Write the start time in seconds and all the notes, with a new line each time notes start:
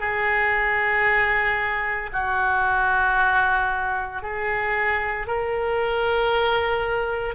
0.00 G#4
2.13 F#4
4.22 G#4
5.27 A#4